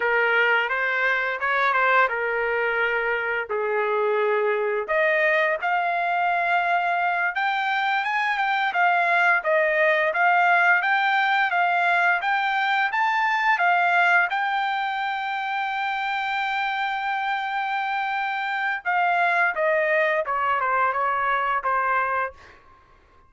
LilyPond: \new Staff \with { instrumentName = "trumpet" } { \time 4/4 \tempo 4 = 86 ais'4 c''4 cis''8 c''8 ais'4~ | ais'4 gis'2 dis''4 | f''2~ f''8 g''4 gis''8 | g''8 f''4 dis''4 f''4 g''8~ |
g''8 f''4 g''4 a''4 f''8~ | f''8 g''2.~ g''8~ | g''2. f''4 | dis''4 cis''8 c''8 cis''4 c''4 | }